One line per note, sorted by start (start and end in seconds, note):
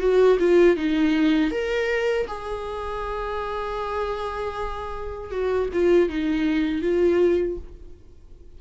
0.00 0.38 F#4
0.40 0.77 F4
0.77 1.52 D#4
1.52 2.28 A#4
2.28 5.32 G#4
5.32 5.70 F#4
5.73 6.09 F4
6.09 6.82 D#4
6.82 7.58 F4